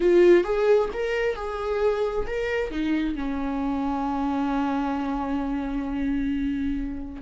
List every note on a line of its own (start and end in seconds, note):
0.00 0.43 F4
0.43 0.89 G#4
0.93 1.35 A#4
1.35 2.26 G#4
2.26 2.70 A#4
2.70 3.15 D#4
3.15 7.21 C#4